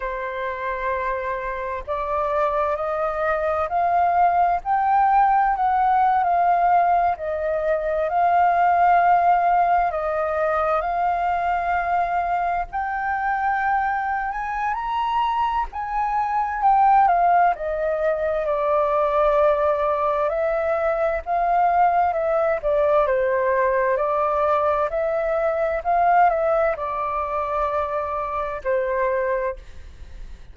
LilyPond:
\new Staff \with { instrumentName = "flute" } { \time 4/4 \tempo 4 = 65 c''2 d''4 dis''4 | f''4 g''4 fis''8. f''4 dis''16~ | dis''8. f''2 dis''4 f''16~ | f''4.~ f''16 g''4.~ g''16 gis''8 |
ais''4 gis''4 g''8 f''8 dis''4 | d''2 e''4 f''4 | e''8 d''8 c''4 d''4 e''4 | f''8 e''8 d''2 c''4 | }